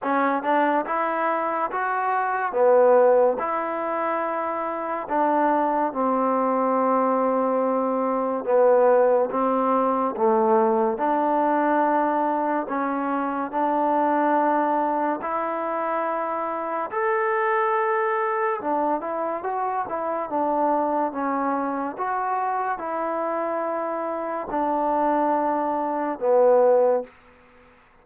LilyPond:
\new Staff \with { instrumentName = "trombone" } { \time 4/4 \tempo 4 = 71 cis'8 d'8 e'4 fis'4 b4 | e'2 d'4 c'4~ | c'2 b4 c'4 | a4 d'2 cis'4 |
d'2 e'2 | a'2 d'8 e'8 fis'8 e'8 | d'4 cis'4 fis'4 e'4~ | e'4 d'2 b4 | }